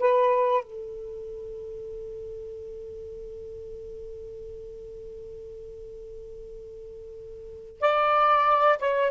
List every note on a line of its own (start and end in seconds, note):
0.00 0.64 B4
0.64 7.81 A4
7.81 8.79 D5
8.79 9.12 C#5